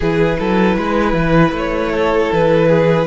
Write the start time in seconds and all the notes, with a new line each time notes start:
0.00 E3 E4 G#4 B4
0.38 F#3 A4
0.77 G#3 B4
1.13 E3
1.52 A3 C#5
1.92 A4
2.32 E3 B4
2.68 G#4